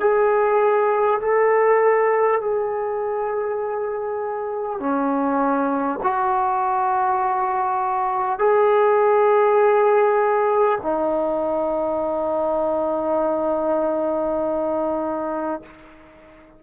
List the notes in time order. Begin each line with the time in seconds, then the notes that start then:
0.00 G#4
1.21 A4
2.41 G#4
4.79 C#4
6.03 F#4
8.38 G#4
10.82 D#4